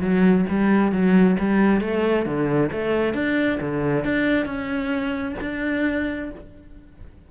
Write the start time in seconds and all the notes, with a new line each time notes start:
0.00 F#3
0.49 G3
0.92 F#3
1.39 G3
1.81 A3
2.26 D3
2.72 A3
3.14 D4
3.61 D3
4.04 D4
4.45 C#4
5.41 D4